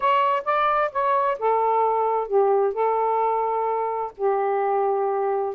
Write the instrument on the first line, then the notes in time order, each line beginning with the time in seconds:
saxophone
0.00 C#5
0.44 D5
0.91 C#5
1.38 A4
2.27 G4
2.73 A4
4.17 G4